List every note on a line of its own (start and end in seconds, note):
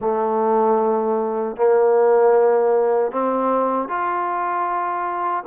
0.00 1.56 A3
1.56 3.11 A#3
3.11 3.88 C4
3.88 5.44 F4